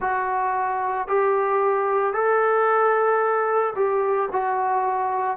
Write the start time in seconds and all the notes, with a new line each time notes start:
0.00 F#4
1.07 G4
2.13 A4
3.75 G4
4.31 F#4